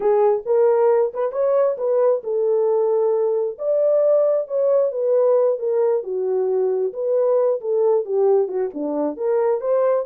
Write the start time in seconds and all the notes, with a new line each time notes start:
0.00 G#4
0.45 A#4
1.13 B4
1.31 C#5
1.77 B4
2.23 A4
3.58 D5
4.47 C#5
4.91 B4
5.58 A#4
6.03 F#4
6.93 B4
7.60 A4
8.05 G4
8.47 F#4
8.74 D4
9.16 A#4
9.60 C5